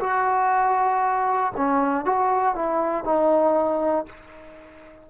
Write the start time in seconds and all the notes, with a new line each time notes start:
0.00 F#4
1.56 C#4
2.05 F#4
2.55 E4
3.04 D#4